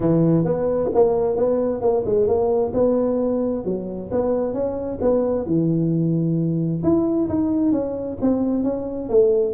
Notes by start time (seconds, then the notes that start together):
0.00 E3
0.44 B3
0.94 A#3
1.36 B3
1.81 A#3
2.05 G#3
2.27 A#3
2.73 B3
3.64 F#3
4.11 B3
4.53 C#4
5.01 B3
5.46 E3
6.83 E4
7.29 D#4
7.72 C#4
8.21 C4
8.63 C#4
9.09 A3